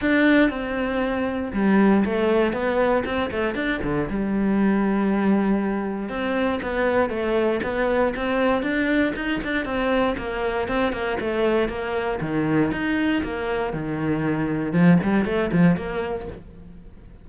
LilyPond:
\new Staff \with { instrumentName = "cello" } { \time 4/4 \tempo 4 = 118 d'4 c'2 g4 | a4 b4 c'8 a8 d'8 d8 | g1 | c'4 b4 a4 b4 |
c'4 d'4 dis'8 d'8 c'4 | ais4 c'8 ais8 a4 ais4 | dis4 dis'4 ais4 dis4~ | dis4 f8 g8 a8 f8 ais4 | }